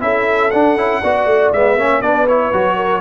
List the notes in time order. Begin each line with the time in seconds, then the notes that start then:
0.00 C#4 E4 A4 E5
0.51 D4 F#5
0.76 C#4 E4
1.01 B3 F#4 D5
1.26 A3
1.52 G#3 B3 E5
1.76 A#3 C#4 C#5
2.01 B3 D4 B4 D5
2.28 E4 C#5
2.53 F#3 F#4
2.76 A#4